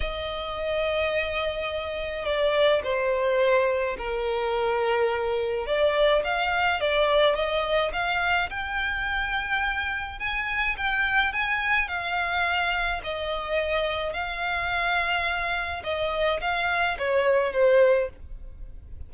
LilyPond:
\new Staff \with { instrumentName = "violin" } { \time 4/4 \tempo 4 = 106 dis''1 | d''4 c''2 ais'4~ | ais'2 d''4 f''4 | d''4 dis''4 f''4 g''4~ |
g''2 gis''4 g''4 | gis''4 f''2 dis''4~ | dis''4 f''2. | dis''4 f''4 cis''4 c''4 | }